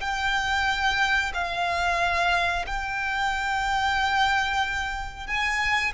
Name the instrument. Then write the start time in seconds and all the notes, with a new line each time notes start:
violin
0.00 G5
1.33 F5
2.66 G5
5.26 G#5